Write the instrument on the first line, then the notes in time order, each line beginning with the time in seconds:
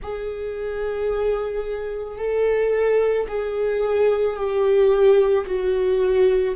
viola
0.02 G#4
2.18 A4
3.28 G#4
4.36 G4
5.45 F#4